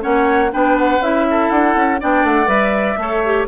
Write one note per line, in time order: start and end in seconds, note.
0.00 0.53 A#3
0.00 0.49 C#4
0.00 0.51 C#5
0.00 0.51 F#5
0.51 0.99 B3
0.51 1.01 D4
0.51 1.27 B4
0.51 0.78 G5
0.78 1.02 F#5
0.99 1.48 C#4
0.99 2.00 E4
0.99 1.50 E5
1.31 2.00 A4
1.50 1.76 D4
1.50 1.99 F#5
1.76 2.00 C#4
2.00 2.24 B3
2.00 2.46 D4
2.00 2.99 D5
2.00 2.26 G5
2.24 2.47 A3
2.24 2.48 F#5
2.46 2.96 G3
2.46 2.95 B4
2.46 3.46 E5
2.97 3.46 A3
2.97 3.24 A4
2.97 3.47 C#5
3.25 3.47 G4